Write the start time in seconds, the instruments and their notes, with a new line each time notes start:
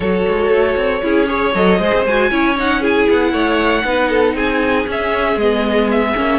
0.00 cello F#3, viola F#4, violin A4 C#5
0.28 cello G#3
0.50 cello A3
0.76 cello C4
1.02 cello C#4, viola E4, violin G#4
1.26 viola G#4, violin C#5
1.54 cello F#3, viola A4, violin D#5
1.78 cello G#3, viola G#4, violin C5
1.93 cello C4
2.05 cello G#3, viola F#4, violin G#5
2.30 cello C#4, viola E4, violin C#5
2.57 viola D#4, violin F#5
2.80 viola E4, violin G#4 G#5
3.09 cello B3, violin F#5
3.32 cello A3, violin C#5
3.84 cello B3, viola D#4, violin B4
4.09 violin A4
4.34 cello C4, violin G#4 G#5
4.86 cello C#4, viola C#4, violin E5
5.36 cello G#3, viola B3, violin D#5
5.90 violin E5
6.15 cello A#3, viola C#4